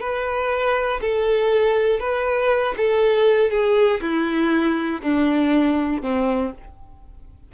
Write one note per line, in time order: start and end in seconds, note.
0.00 1.00 B4
1.01 2.00 A4
2.00 2.75 B4
2.77 3.51 A4
3.51 4.01 G#4
4.01 5.01 E4
5.02 6.02 D4
6.02 6.52 C4